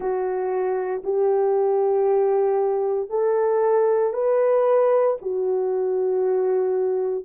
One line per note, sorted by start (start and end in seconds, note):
0.00 1.02 F#4
1.03 3.09 G4
3.09 4.13 A4
4.13 5.16 B4
5.21 7.24 F#4